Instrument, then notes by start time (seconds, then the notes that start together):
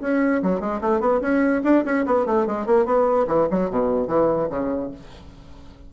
bassoon
0.00 C#4
0.42 F#3
0.60 G#3
0.81 A3
1.00 B3
1.20 C#4
1.63 D4
1.84 C#4
2.05 B3
2.25 A3
2.46 G#3
2.66 A#3
2.85 B3
3.27 E3
3.50 F#3
3.70 B2
4.07 E3
4.49 C#3